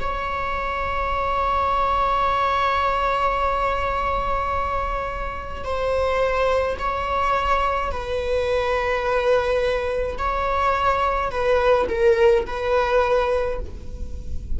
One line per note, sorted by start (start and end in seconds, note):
0.00 5.64 C#5
5.64 6.77 C5
6.79 7.91 C#5
7.91 10.17 B4
10.18 11.31 C#5
11.31 11.87 B4
11.89 12.45 A#4
12.46 13.60 B4